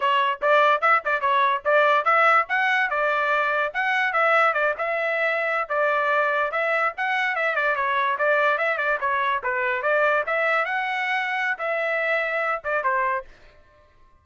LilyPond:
\new Staff \with { instrumentName = "trumpet" } { \time 4/4 \tempo 4 = 145 cis''4 d''4 e''8 d''8 cis''4 | d''4 e''4 fis''4 d''4~ | d''4 fis''4 e''4 d''8 e''8~ | e''4.~ e''16 d''2 e''16~ |
e''8. fis''4 e''8 d''8 cis''4 d''16~ | d''8. e''8 d''8 cis''4 b'4 d''16~ | d''8. e''4 fis''2~ fis''16 | e''2~ e''8 d''8 c''4 | }